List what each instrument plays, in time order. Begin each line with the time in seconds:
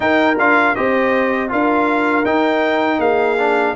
0.00 trombone D#4, tuba D#4, horn A#4, trumpet G5
0.37 tuba D4, trombone F4, trumpet F5
0.75 tuba C4, trombone G4, horn C5, trumpet D#5
1.49 tuba D4, trombone F4, horn A#4, trumpet F5
2.25 tuba D#4, trombone D#4, trumpet G5
2.98 tuba A#3, horn G#4, trumpet F5
3.38 trombone D4